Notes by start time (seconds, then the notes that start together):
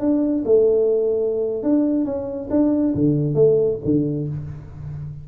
0.00 D4
0.45 A3
1.63 D4
2.05 C#4
2.50 D4
2.95 D3
3.35 A3
3.85 D3